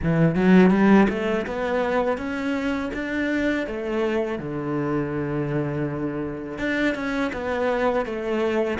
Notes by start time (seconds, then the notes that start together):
0.02 E3
0.35 F#3
0.70 G3
1.09 A3
1.46 B3
2.18 C#4
2.93 D4
3.66 A3
4.39 D3
6.58 D4
6.94 C#4
7.32 B3
8.05 A3